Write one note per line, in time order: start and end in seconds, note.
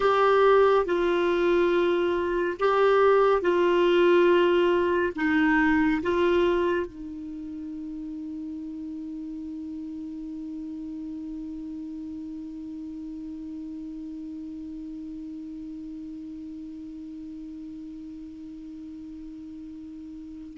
0.00 0.85 G4
0.85 2.57 F4
2.59 3.41 G4
3.41 5.12 F4
5.15 6.01 D#4
6.02 6.86 F4
6.86 20.57 D#4